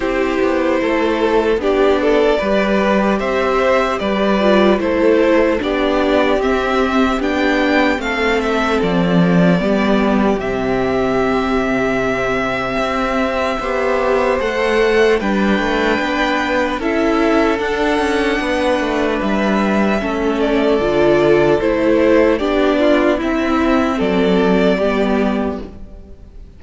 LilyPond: <<
  \new Staff \with { instrumentName = "violin" } { \time 4/4 \tempo 4 = 75 c''2 d''2 | e''4 d''4 c''4 d''4 | e''4 g''4 f''8 e''8 d''4~ | d''4 e''2.~ |
e''2 fis''4 g''4~ | g''4 e''4 fis''2 | e''4. d''4. c''4 | d''4 e''4 d''2 | }
  \new Staff \with { instrumentName = "violin" } { \time 4/4 g'4 a'4 g'8 a'8 b'4 | c''4 b'4 a'4 g'4~ | g'2 a'2 | g'1~ |
g'4 c''2 b'4~ | b'4 a'2 b'4~ | b'4 a'2. | g'8 f'8 e'4 a'4 g'4 | }
  \new Staff \with { instrumentName = "viola" } { \time 4/4 e'2 d'4 g'4~ | g'4. f'8 e'4 d'4 | c'4 d'4 c'2 | b4 c'2.~ |
c'4 g'4 a'4 d'4~ | d'4 e'4 d'2~ | d'4 cis'4 f'4 e'4 | d'4 c'2 b4 | }
  \new Staff \with { instrumentName = "cello" } { \time 4/4 c'8 b8 a4 b4 g4 | c'4 g4 a4 b4 | c'4 b4 a4 f4 | g4 c2. |
c'4 b4 a4 g8 a8 | b4 cis'4 d'8 cis'8 b8 a8 | g4 a4 d4 a4 | b4 c'4 fis4 g4 | }
>>